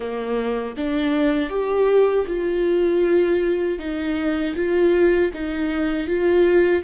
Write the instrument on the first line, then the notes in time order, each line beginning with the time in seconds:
viola
0.00 A#3
0.77 D4
1.49 G4
2.27 F4
3.78 D#4
4.55 F4
5.33 D#4
6.07 F4